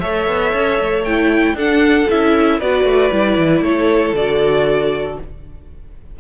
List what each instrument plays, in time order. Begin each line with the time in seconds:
0.00 cello A3, viola A4, violin C#5 E5
0.27 cello B3
0.54 cello C#4
0.80 cello A3
1.05 viola E4, violin G5
1.54 cello D4, viola D4, violin A4 F#5
2.10 cello C#4, viola E4, violin E5
2.59 cello B3, viola F#4, violin B4 D5
2.84 cello A3
3.12 cello G3, viola E4
3.38 cello E3
3.61 cello A3, violin A4 C#5
4.14 cello D3, viola F#4, violin D5